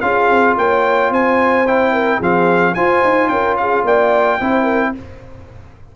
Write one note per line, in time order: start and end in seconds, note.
0.00 0.29 C#4
0.00 1.65 F4
0.00 0.57 G#4
0.00 0.55 F5
0.29 0.56 C4
0.57 1.10 A#3
0.57 1.11 C#5
0.57 1.12 G5
1.10 2.19 C4
1.10 1.92 C5
1.10 1.66 G#5
1.66 2.21 E4
1.66 2.21 G5
1.92 2.18 A#4
2.18 2.75 F3
2.18 2.75 C4
2.18 2.72 G#4
2.18 2.74 F5
2.74 3.03 F4
2.74 4.40 F4
2.74 3.30 C5
2.74 3.28 G#5
3.04 3.28 D#4
3.28 3.83 C#4
3.28 3.59 A#4
3.28 3.55 G5
3.57 3.85 G#4
3.57 3.84 F5
3.84 4.39 A#3
3.84 4.40 D5
3.84 4.95 G5
4.40 4.95 C4
4.40 4.95 E4
4.40 4.63 C5
4.63 4.90 A#4